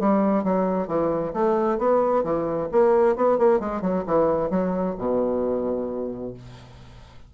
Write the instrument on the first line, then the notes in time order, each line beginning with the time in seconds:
bassoon
0.00 G3
0.44 F#3
0.87 E3
1.33 A3
1.78 B3
2.24 E3
2.71 A#3
3.16 B3
3.38 A#3
3.60 G#3
3.81 F#3
4.07 E3
4.50 F#3
4.98 B2